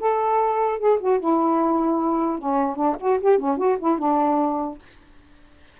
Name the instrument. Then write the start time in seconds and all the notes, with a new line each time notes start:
saxophone
0.00 A4
0.79 G#4
1.00 F#4
1.20 E4
2.39 C#4
2.76 D4
3.00 F#4
3.20 G4
3.38 C#4
3.58 F#4
3.79 E4
3.98 D4